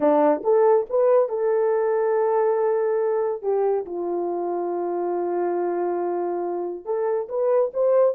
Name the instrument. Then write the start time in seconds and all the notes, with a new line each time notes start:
horn
0.00 D4
0.43 A4
0.89 B4
1.28 A4
3.42 G4
3.85 F4
6.85 A4
7.28 B4
7.73 C5